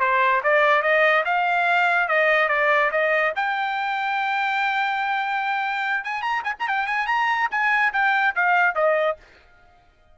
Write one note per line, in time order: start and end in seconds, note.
0.00 0.42 C5
0.44 0.82 D5
0.82 1.24 D#5
1.25 2.09 F5
2.09 2.49 D#5
2.49 2.91 D5
2.91 3.33 D#5
3.36 6.05 G5
6.05 6.22 G#5
6.22 6.43 A#5
6.44 6.54 G#5
6.60 6.68 A#5
6.68 6.87 G5
6.87 7.07 G#5
7.07 7.49 A#5
7.51 7.93 G#5
7.93 8.35 G5
8.36 8.75 F5
8.75 9.17 D#5